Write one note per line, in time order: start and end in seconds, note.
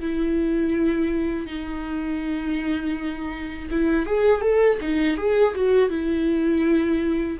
0.00 1.46 E4
1.46 3.69 D#4
3.71 4.06 E4
4.06 4.41 G#4
4.41 4.78 A4
4.81 5.17 D#4
5.17 5.54 G#4
5.55 5.90 F#4
5.90 7.38 E4